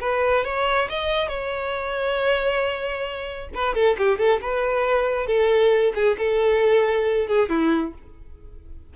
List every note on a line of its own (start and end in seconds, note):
0.00 0.44 B4
0.44 0.88 C#5
0.89 1.28 D#5
1.28 3.49 C#5
3.54 3.74 B4
3.74 3.96 A4
3.98 4.18 G4
4.18 4.40 A4
4.41 5.26 B4
5.26 5.93 A4
5.94 6.16 G#4
6.18 7.27 A4
7.27 7.49 G#4
7.49 7.93 E4